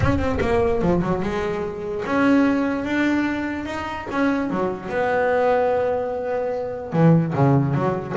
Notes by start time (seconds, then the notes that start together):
0.00 C#4
0.18 C4
0.41 A#3
0.81 F3
1.02 F#3
1.22 G#3
2.05 C#4
2.84 D4
3.65 D#4
4.11 C#4
4.50 F#3
4.89 B3
6.92 E3
7.34 C#3
7.74 F#3